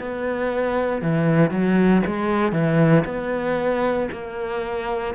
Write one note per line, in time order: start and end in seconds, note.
0.00 1.02 B3
1.02 1.51 E3
1.51 2.03 F#3
2.06 2.53 G#3
2.53 3.05 E3
3.05 4.09 B3
4.12 5.15 A#3